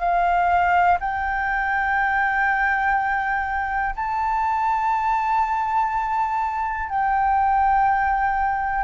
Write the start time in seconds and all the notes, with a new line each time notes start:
0.00 F5
1.01 G5
3.96 A5
6.90 G5